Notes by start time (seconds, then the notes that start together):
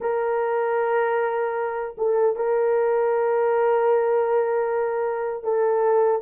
0.00 A#4
1.97 A4
2.36 A#4
5.43 A4